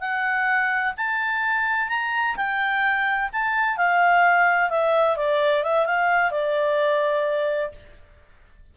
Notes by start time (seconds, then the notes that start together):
0.00 F#5
0.97 A5
1.89 A#5
2.36 G5
3.32 A5
3.77 F5
4.69 E5
5.16 D5
5.63 E5
5.86 F5
6.31 D5